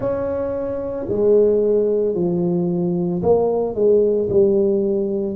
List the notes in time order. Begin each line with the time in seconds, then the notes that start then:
0.00 C#4
1.09 G#3
2.14 F3
3.22 A#3
3.75 G#3
4.29 G3